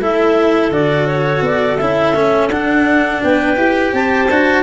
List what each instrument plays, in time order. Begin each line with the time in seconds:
0.00 tuba A3, cello E4, clarinet A4 E5
0.71 tuba D3, cello F#4, clarinet D5
1.07 clarinet C#5
1.42 tuba B3, clarinet D5
1.78 tuba C#4, cello E4, clarinet E5
2.15 tuba A3, cello C#4
2.49 tuba D4, cello D4, clarinet F#5
3.23 tuba B3, clarinet B4 G5
3.57 tuba E4, cello G4
3.93 tuba C4, clarinet C5 A5
4.31 tuba D4, cello F#4